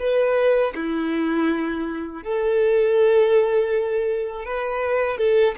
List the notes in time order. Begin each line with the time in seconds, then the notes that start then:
0.00 B4
0.75 E4
2.24 A4
4.46 B4
5.18 A4